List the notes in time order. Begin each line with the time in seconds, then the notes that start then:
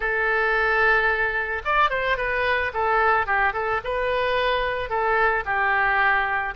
0.00 A4
1.64 D5
1.89 C5
2.17 B4
2.73 A4
3.26 G4
3.53 A4
3.84 B4
4.89 A4
5.45 G4